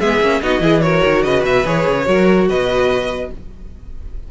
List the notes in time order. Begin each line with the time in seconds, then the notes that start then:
0.00 G#3 B3 G#4 E5
0.21 A#3 C#4
0.42 B3 D#4 F#4 D#5
0.60 E3 E4 G#4
0.81 F#4 A#4 C#5
1.05 D#3
1.23 C#3 B4 D#5
1.43 B2 E5
1.65 E3 G#4 C#5
1.87 C#3
2.05 F#3 F#4 A#4
2.49 B2 B4 D#5